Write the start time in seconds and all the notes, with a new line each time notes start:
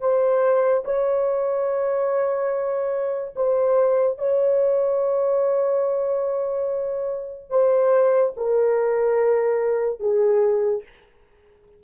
0.00 C5
0.84 C#5
3.35 C5
4.18 C#5
7.50 C5
8.36 A#4
10.00 G#4